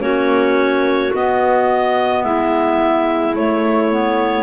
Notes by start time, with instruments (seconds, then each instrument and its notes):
0.00 double bass A#3, clarinet C#4 F#4 C#5
1.14 double bass B3, clarinet B3 D#5
2.24 double bass G#3, clarinet E4 E5
3.36 double bass A3, clarinet A3 C#5
3.92 clarinet B3